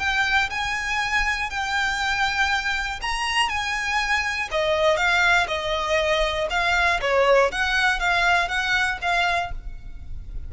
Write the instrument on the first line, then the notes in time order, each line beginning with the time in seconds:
violin
0.00 G5
0.50 G#5
1.50 G5
3.02 A#5
3.49 G#5
4.51 D#5
4.97 F5
5.48 D#5
6.50 F5
7.02 C#5
7.52 F#5
8.00 F5
8.49 F#5
9.02 F5